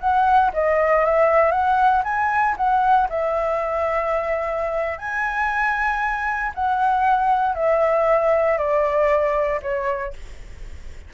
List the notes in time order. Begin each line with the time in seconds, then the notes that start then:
0.00 F#5
0.53 D#5
1.05 E5
1.51 F#5
2.04 G#5
2.57 F#5
3.09 E5
4.98 G#5
6.55 F#5
7.55 E5
8.58 D5
9.62 C#5